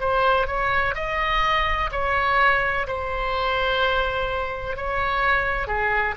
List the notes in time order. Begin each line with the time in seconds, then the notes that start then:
0.00 C5
0.47 C#5
0.95 D#5
1.92 C#5
2.87 C5
4.77 C#5
5.67 G#4